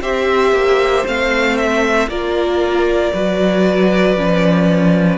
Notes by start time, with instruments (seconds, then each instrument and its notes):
0.00 cello C4, viola G4, violin C5 E5
0.52 cello A#3
1.05 cello A3, viola C4, violin F5
1.56 violin E5
2.07 cello A#3, viola F4, violin A#4 D5
3.13 cello F#3, viola F#4, violin B4
4.16 cello F3, viola C#4